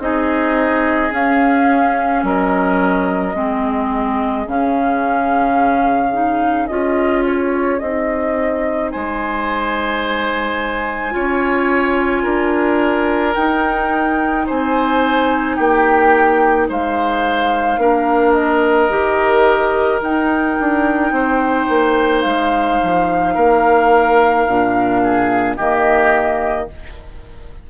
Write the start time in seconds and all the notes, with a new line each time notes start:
0.00 C4 D#4 G#4 D#5
1.11 C#4 F5
2.24 F#3 A#4 D#5
3.35 G#3 C4 G#4
4.47 C#3 C#4 F5
6.13 D#4
6.67 C#4 F4 D#5
7.27 C#5
7.79 C4 D#4 D#5
8.92 G#3 C5 G#5
11.12 C#4 F4 C#5
12.24 D4 A#4
13.35 D#4 G5
14.47 C4 C5 G#5
15.57 A#3 G4 G5
16.69 G#3 C5 F5
17.78 A#3 D4 A#4
18.33 D#5
18.90 D#3 G4
20.02 D#4 G5
20.60 D4
21.12 C4 C5
21.70 A#3
22.22 G#3 F5
22.83 F3
23.35 A#3 A#4
24.48 A#2 D4
25.04 G#4
25.57 D#3 A#3 G4 D#5